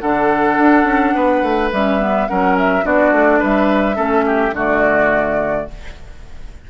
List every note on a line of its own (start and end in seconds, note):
0.00 0.58 D3
0.00 1.72 D4
0.00 1.15 A4
0.00 1.70 F#5
0.58 0.85 D4
0.85 1.13 C#4
1.15 1.43 B3
1.15 2.28 B4
1.43 1.71 A3
1.72 2.29 G3
1.72 2.00 C#4
1.72 2.28 E5
2.00 2.28 B3
2.28 2.85 F#3
2.28 2.83 C#4
2.28 2.85 A#4
2.28 2.57 F#5
2.58 2.86 E5
2.83 3.12 B3
2.83 3.95 D4
2.83 3.39 F#4
2.83 3.43 D5
3.12 3.40 A3
3.39 3.98 G3
3.39 3.96 B4
3.39 4.57 E5
3.95 4.52 A3
3.95 4.52 C#4
3.95 4.24 A4
4.27 4.55 G4
4.52 5.65 D3
4.52 5.69 A3
4.52 5.68 F#4
4.52 5.71 D5